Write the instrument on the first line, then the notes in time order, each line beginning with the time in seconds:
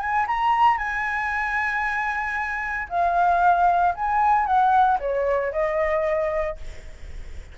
flute
0.00 G#5
0.28 A#5
0.78 G#5
2.89 F5
3.95 G#5
4.46 F#5
5.00 C#5
5.52 D#5